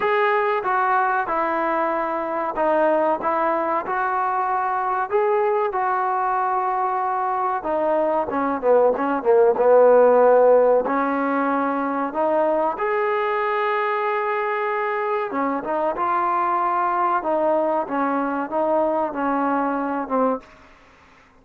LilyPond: \new Staff \with { instrumentName = "trombone" } { \time 4/4 \tempo 4 = 94 gis'4 fis'4 e'2 | dis'4 e'4 fis'2 | gis'4 fis'2. | dis'4 cis'8 b8 cis'8 ais8 b4~ |
b4 cis'2 dis'4 | gis'1 | cis'8 dis'8 f'2 dis'4 | cis'4 dis'4 cis'4. c'8 | }